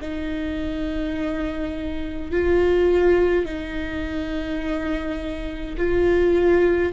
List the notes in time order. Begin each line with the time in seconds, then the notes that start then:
0.00 D#4
2.31 F4
3.45 D#4
5.77 F4